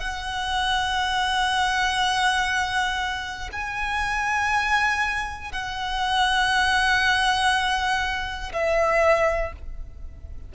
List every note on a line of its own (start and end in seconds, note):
0.00 3.50 F#5
3.52 5.52 G#5
5.52 8.52 F#5
8.52 9.52 E5